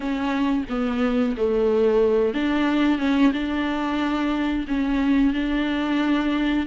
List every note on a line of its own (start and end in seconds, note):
0.00 0.64 C#4
0.69 1.35 B3
1.36 2.34 A3
2.34 2.98 D4
2.98 3.32 C#4
3.32 4.65 D4
4.67 5.33 C#4
5.33 6.66 D4